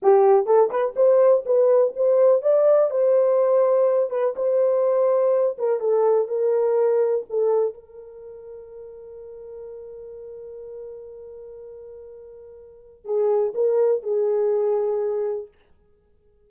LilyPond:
\new Staff \with { instrumentName = "horn" } { \time 4/4 \tempo 4 = 124 g'4 a'8 b'8 c''4 b'4 | c''4 d''4 c''2~ | c''8 b'8 c''2~ c''8 ais'8 | a'4 ais'2 a'4 |
ais'1~ | ais'1~ | ais'2. gis'4 | ais'4 gis'2. | }